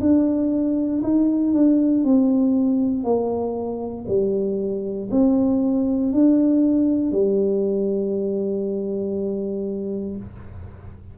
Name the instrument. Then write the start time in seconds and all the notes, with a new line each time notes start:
tuba
0.00 D4
1.03 D#4
1.53 D4
2.04 C4
3.04 A#3
4.08 G3
5.11 C4
6.12 D4
7.11 G3